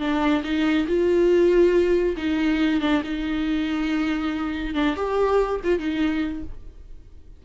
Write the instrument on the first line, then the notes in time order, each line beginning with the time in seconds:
viola
0.00 D4
0.44 D#4
0.87 F4
2.17 D#4
2.81 D4
3.04 D#4
4.75 D4
4.96 G4
5.64 F4
5.79 D#4